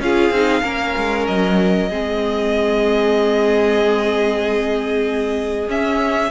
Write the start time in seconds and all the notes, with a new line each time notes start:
0.00 C#4 F4 G#4 F5
0.31 C4 D#4
0.63 A#3 C#4 A#4
0.97 G#3
1.27 F#3 D#5
1.89 G#3 C4 G#4
5.68 C#4 E5